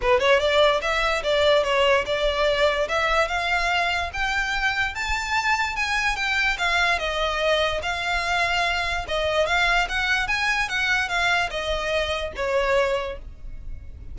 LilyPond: \new Staff \with { instrumentName = "violin" } { \time 4/4 \tempo 4 = 146 b'8 cis''8 d''4 e''4 d''4 | cis''4 d''2 e''4 | f''2 g''2 | a''2 gis''4 g''4 |
f''4 dis''2 f''4~ | f''2 dis''4 f''4 | fis''4 gis''4 fis''4 f''4 | dis''2 cis''2 | }